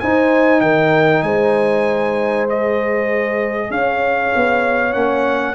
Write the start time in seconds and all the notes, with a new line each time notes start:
0.00 D#4 C5 G#5
0.61 D#3 A#4 G5
1.23 G#3 C5 G#5
2.49 G#4 D#5
3.70 C#4 C#5 F5
4.36 B3
4.93 A#3 C#4 F#5